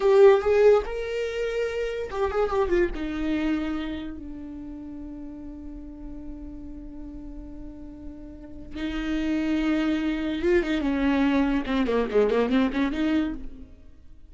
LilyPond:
\new Staff \with { instrumentName = "viola" } { \time 4/4 \tempo 4 = 144 g'4 gis'4 ais'2~ | ais'4 g'8 gis'8 g'8 f'8 dis'4~ | dis'2 d'2~ | d'1~ |
d'1~ | d'4 dis'2.~ | dis'4 f'8 dis'8 cis'2 | c'8 ais8 gis8 ais8 c'8 cis'8 dis'4 | }